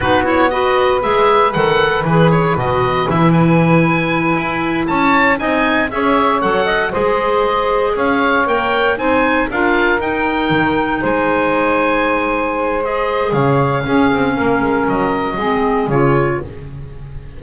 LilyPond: <<
  \new Staff \with { instrumentName = "oboe" } { \time 4/4 \tempo 4 = 117 b'8 cis''8 dis''4 e''4 fis''4 | b'8 cis''8 dis''4 e''8 gis''4.~ | gis''4. a''4 gis''4 e''8~ | e''8 fis''4 dis''2 f''8~ |
f''8 g''4 gis''4 f''4 g''8~ | g''4. gis''2~ gis''8~ | gis''4 dis''4 f''2~ | f''4 dis''2 cis''4 | }
  \new Staff \with { instrumentName = "saxophone" } { \time 4/4 fis'4 b'2.~ | b'1~ | b'4. cis''4 dis''4 cis''8~ | cis''4 dis''8 c''2 cis''8~ |
cis''4. c''4 ais'4.~ | ais'4. c''2~ c''8~ | c''2 cis''4 gis'4 | ais'2 gis'2 | }
  \new Staff \with { instrumentName = "clarinet" } { \time 4/4 dis'8 e'8 fis'4 gis'4 a'4 | gis'4 fis'4 e'2~ | e'2~ e'8 dis'4 gis'8~ | gis'8 a'4 gis'2~ gis'8~ |
gis'8 ais'4 dis'4 f'4 dis'8~ | dis'1~ | dis'4 gis'2 cis'4~ | cis'2 c'4 f'4 | }
  \new Staff \with { instrumentName = "double bass" } { \time 4/4 b2 gis4 dis4 | e4 b,4 e2~ | e8 e'4 cis'4 c'4 cis'8~ | cis'8 fis4 gis2 cis'8~ |
cis'8 ais4 c'4 d'4 dis'8~ | dis'8 dis4 gis2~ gis8~ | gis2 cis4 cis'8 c'8 | ais8 gis8 fis4 gis4 cis4 | }
>>